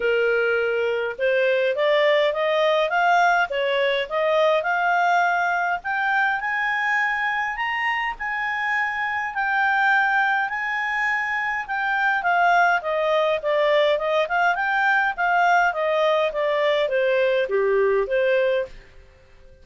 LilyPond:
\new Staff \with { instrumentName = "clarinet" } { \time 4/4 \tempo 4 = 103 ais'2 c''4 d''4 | dis''4 f''4 cis''4 dis''4 | f''2 g''4 gis''4~ | gis''4 ais''4 gis''2 |
g''2 gis''2 | g''4 f''4 dis''4 d''4 | dis''8 f''8 g''4 f''4 dis''4 | d''4 c''4 g'4 c''4 | }